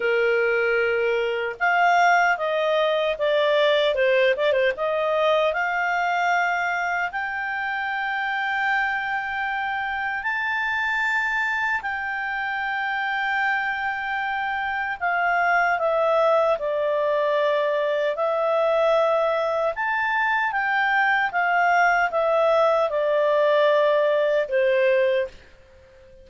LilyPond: \new Staff \with { instrumentName = "clarinet" } { \time 4/4 \tempo 4 = 76 ais'2 f''4 dis''4 | d''4 c''8 d''16 c''16 dis''4 f''4~ | f''4 g''2.~ | g''4 a''2 g''4~ |
g''2. f''4 | e''4 d''2 e''4~ | e''4 a''4 g''4 f''4 | e''4 d''2 c''4 | }